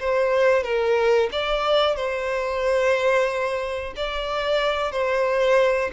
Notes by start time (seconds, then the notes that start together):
0.00 C5
0.63 A#4
1.32 D5
1.96 C5
3.96 D5
4.92 C5